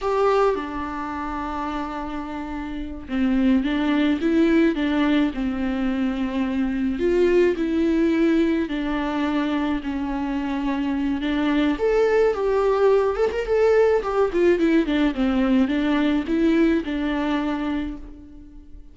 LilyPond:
\new Staff \with { instrumentName = "viola" } { \time 4/4 \tempo 4 = 107 g'4 d'2.~ | d'4. c'4 d'4 e'8~ | e'8 d'4 c'2~ c'8~ | c'8 f'4 e'2 d'8~ |
d'4. cis'2~ cis'8 | d'4 a'4 g'4. a'16 ais'16 | a'4 g'8 f'8 e'8 d'8 c'4 | d'4 e'4 d'2 | }